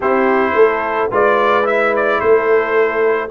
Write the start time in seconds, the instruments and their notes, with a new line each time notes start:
0.00 tuba C4, trombone E4, horn G4, trumpet C5
0.54 tuba A3, horn A4
1.10 tuba G#3, trombone F4, horn B4, trumpet D5
1.63 trombone E4, trumpet E5
1.96 trumpet D5
2.20 tuba A3, horn A4, trumpet C5